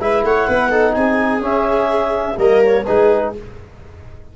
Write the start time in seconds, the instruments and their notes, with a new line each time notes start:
0.00 tuba G#3, trombone E4, viola B4, clarinet E5
0.23 tuba A3, viola C#5, clarinet F#5
0.48 tuba B3, viola B4
0.69 trombone D#4, viola A4
0.93 tuba C4, viola G#4, clarinet G#5
1.41 trombone C#4, tuba C#4, clarinet E5
2.37 tuba G3, trombone A#3, viola A#4, clarinet D#5
2.65 clarinet C#5
2.85 tuba G#3, trombone D#4, viola G#4, clarinet B4